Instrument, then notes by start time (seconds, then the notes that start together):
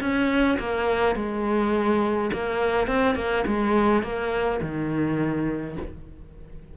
cello
0.00 C#4
0.59 A#3
1.15 G#3
2.33 A#3
2.87 C4
3.15 A#3
3.47 G#3
4.03 A#3
4.61 D#3